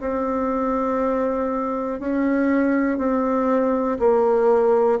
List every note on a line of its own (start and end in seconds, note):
0.00 1.99 C4
1.99 2.98 C#4
2.98 3.98 C4
3.99 4.99 A#3